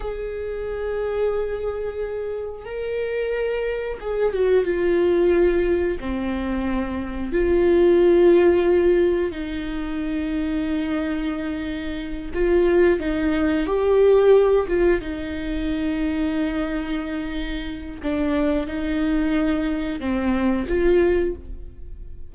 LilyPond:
\new Staff \with { instrumentName = "viola" } { \time 4/4 \tempo 4 = 90 gis'1 | ais'2 gis'8 fis'8 f'4~ | f'4 c'2 f'4~ | f'2 dis'2~ |
dis'2~ dis'8 f'4 dis'8~ | dis'8 g'4. f'8 dis'4.~ | dis'2. d'4 | dis'2 c'4 f'4 | }